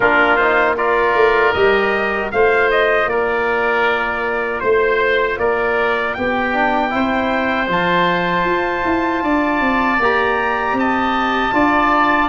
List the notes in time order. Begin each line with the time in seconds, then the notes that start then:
0.00 A#3 D4 F4 A#4
0.36 D#4 C5
0.77 F4 A#4 D5
1.14 A3
1.53 G3 G4 D#5
2.31 A3 F4 C5 F5
2.71 D#5
3.05 A#3 A#4 D5
4.60 A3 C5
5.37 A#3 A#4 D5
6.14 B3 G4 G5
6.52 D4
6.90 C4 E4 C5
7.67 F3 F4 A5
8.44 F4
8.84 E4
9.23 D4 D5
9.60 C4
9.99 A#3 G4 A#5
10.72 C4 A5
10.79 D#5
11.52 D4 F4 D5